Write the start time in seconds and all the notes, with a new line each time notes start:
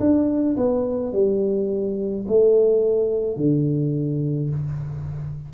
0.00 D4
0.57 B3
1.13 G3
2.28 A3
3.37 D3